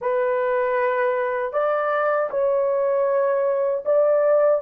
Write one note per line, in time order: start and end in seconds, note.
0.01 1.52 B4
1.52 2.29 D5
2.30 3.84 C#5
3.85 4.61 D5